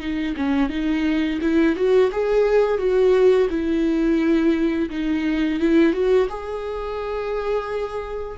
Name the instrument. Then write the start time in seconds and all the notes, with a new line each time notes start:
viola
0.00 D#4
0.37 C#4
0.70 D#4
1.41 E4
1.76 F#4
2.12 G#4
2.78 F#4
3.50 E4
4.90 D#4
5.60 E4
5.93 F#4
6.29 G#4